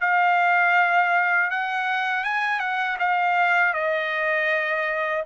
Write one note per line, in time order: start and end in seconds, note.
0.00 1.50 F5
1.50 2.24 F#5
2.24 2.59 G#5
2.59 2.97 F#5
2.99 3.73 F5
3.73 5.23 D#5